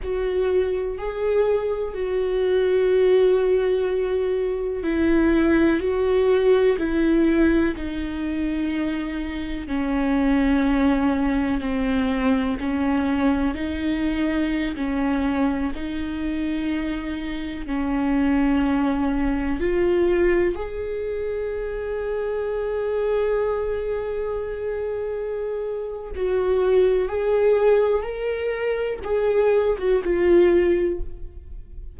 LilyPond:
\new Staff \with { instrumentName = "viola" } { \time 4/4 \tempo 4 = 62 fis'4 gis'4 fis'2~ | fis'4 e'4 fis'4 e'4 | dis'2 cis'2 | c'4 cis'4 dis'4~ dis'16 cis'8.~ |
cis'16 dis'2 cis'4.~ cis'16~ | cis'16 f'4 gis'2~ gis'8.~ | gis'2. fis'4 | gis'4 ais'4 gis'8. fis'16 f'4 | }